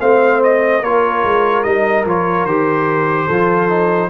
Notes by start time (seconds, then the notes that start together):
0.00 A3 C4 C5 F5
0.43 D#5
0.82 A#3 F4 A#4 C#5
1.23 G#3
1.63 G3 D#4 D#5
2.05 F3 F4 C#5
2.45 D#3 G4 C5
3.26 F3 F4 A4
3.69 D#4